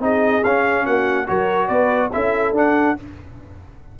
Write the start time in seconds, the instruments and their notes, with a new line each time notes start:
0.00 tuba C4, trombone D#4, horn G#4, trumpet D#5
0.44 tuba C#4, trombone C#4, trumpet F5
0.85 tuba A#3, horn F#4, trumpet F#5
1.27 tuba F#3, trombone F#4, horn A#4, trumpet C#5
1.68 tuba B3, horn B4, trumpet D5
2.13 tuba C#4, trombone E4, horn A4, trumpet E5
2.52 tuba D4, trombone D4, trumpet F#5